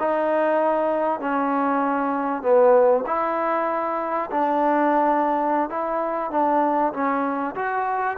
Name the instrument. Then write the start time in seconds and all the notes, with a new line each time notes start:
trombone
0.00 D#4
1.21 C#4
2.43 B3
3.07 E4
4.31 D4
5.70 E4
6.31 D4
6.94 C#4
7.56 F#4